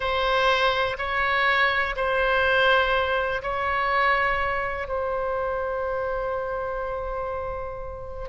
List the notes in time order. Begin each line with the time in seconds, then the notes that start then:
0.00 C5
0.98 C#5
1.95 C5
3.42 C#5
4.88 C5